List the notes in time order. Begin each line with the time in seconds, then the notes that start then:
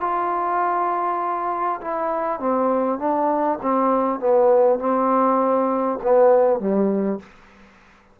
0.00 F4
1.81 E4
2.39 C4
2.98 D4
3.62 C4
4.19 B3
4.79 C4
6.02 B3
6.59 G3